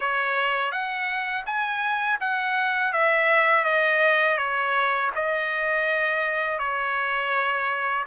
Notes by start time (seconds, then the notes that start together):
0.00 C#5
0.72 F#5
1.46 G#5
2.20 F#5
2.93 E5
3.64 D#5
4.37 C#5
5.15 D#5
6.58 C#5